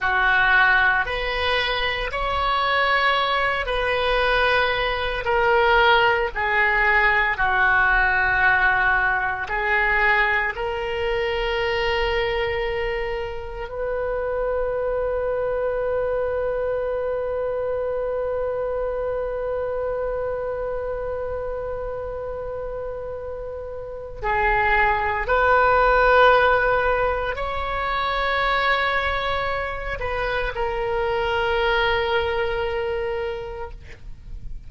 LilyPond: \new Staff \with { instrumentName = "oboe" } { \time 4/4 \tempo 4 = 57 fis'4 b'4 cis''4. b'8~ | b'4 ais'4 gis'4 fis'4~ | fis'4 gis'4 ais'2~ | ais'4 b'2.~ |
b'1~ | b'2. gis'4 | b'2 cis''2~ | cis''8 b'8 ais'2. | }